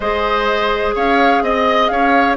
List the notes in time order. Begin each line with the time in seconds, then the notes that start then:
0.00 G#3 G#4 C5 D#5
0.95 C#4 C#5 F5
1.42 C4 D#5
1.87 C#4 C#5 F5